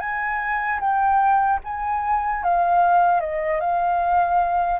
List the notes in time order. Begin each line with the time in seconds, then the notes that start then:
0.00 G#5
0.80 G5
1.64 G#5
2.44 F5
3.21 D#5
3.61 F5